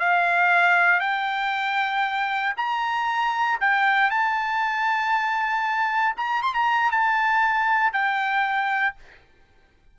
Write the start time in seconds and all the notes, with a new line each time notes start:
0.00 F5
1.00 G5
2.57 A#5
3.61 G5
4.11 A5
6.17 A#5
6.43 C6
6.54 A#5
6.92 A5
7.93 G5